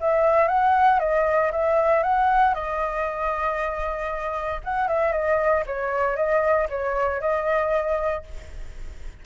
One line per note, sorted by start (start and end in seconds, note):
0.00 0.48 E5
0.48 0.99 F#5
0.99 1.51 D#5
1.52 2.03 E5
2.03 2.54 F#5
2.54 4.61 D#5
4.64 4.88 F#5
4.88 5.12 E5
5.12 5.64 D#5
5.66 6.16 C#5
6.16 6.68 D#5
6.69 7.20 C#5
7.20 8.24 D#5